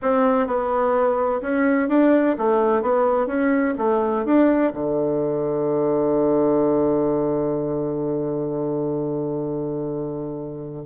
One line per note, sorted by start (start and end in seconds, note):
0.02 0.46 C4
0.46 1.41 B3
1.41 1.88 C#4
1.88 2.36 D4
2.38 2.82 A3
2.82 3.27 B3
3.27 3.74 C#4
3.78 4.25 A3
4.25 4.72 D4
4.73 10.85 D3